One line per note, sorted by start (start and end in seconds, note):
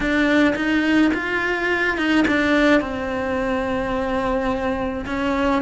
0.00 0.54 D4
0.55 1.11 D#4
1.14 1.97 F4
1.97 2.25 D#4
2.27 2.80 D4
2.80 5.05 C4
5.05 5.62 C#4